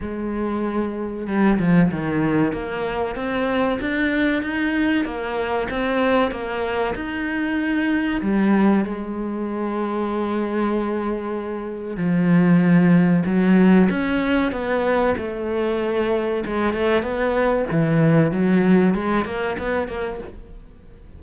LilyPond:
\new Staff \with { instrumentName = "cello" } { \time 4/4 \tempo 4 = 95 gis2 g8 f8 dis4 | ais4 c'4 d'4 dis'4 | ais4 c'4 ais4 dis'4~ | dis'4 g4 gis2~ |
gis2. f4~ | f4 fis4 cis'4 b4 | a2 gis8 a8 b4 | e4 fis4 gis8 ais8 b8 ais8 | }